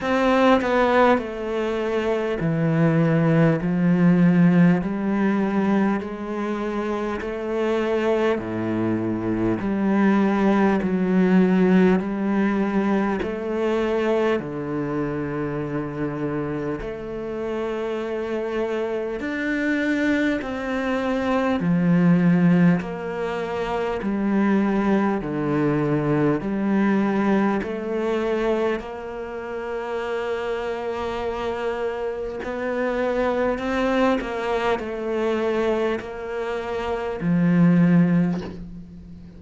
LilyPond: \new Staff \with { instrumentName = "cello" } { \time 4/4 \tempo 4 = 50 c'8 b8 a4 e4 f4 | g4 gis4 a4 a,4 | g4 fis4 g4 a4 | d2 a2 |
d'4 c'4 f4 ais4 | g4 d4 g4 a4 | ais2. b4 | c'8 ais8 a4 ais4 f4 | }